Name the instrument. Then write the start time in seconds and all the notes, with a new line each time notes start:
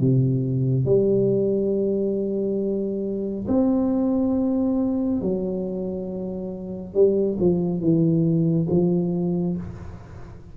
tuba
0.00 C3
0.86 G3
3.48 C4
5.21 F#3
6.94 G3
7.40 F3
7.80 E3
8.70 F3